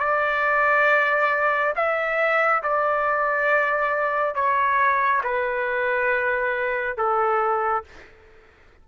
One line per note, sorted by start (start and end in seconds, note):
0.00 1.74 D5
1.76 2.63 E5
2.63 4.35 D5
4.35 5.22 C#5
5.24 6.97 B4
6.97 7.84 A4